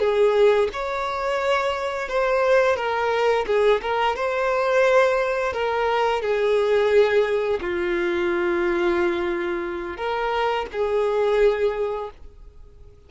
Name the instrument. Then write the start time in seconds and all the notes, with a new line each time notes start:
violin
0.00 G#4
0.73 C#5
2.09 C5
2.77 A#4
3.47 G#4
3.82 A#4
4.16 C5
5.53 A#4
6.23 G#4
7.61 F4
9.97 A#4
10.73 G#4